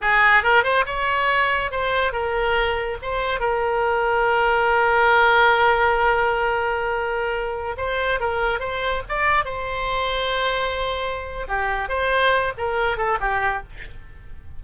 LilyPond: \new Staff \with { instrumentName = "oboe" } { \time 4/4 \tempo 4 = 141 gis'4 ais'8 c''8 cis''2 | c''4 ais'2 c''4 | ais'1~ | ais'1~ |
ais'2~ ais'16 c''4 ais'8.~ | ais'16 c''4 d''4 c''4.~ c''16~ | c''2. g'4 | c''4. ais'4 a'8 g'4 | }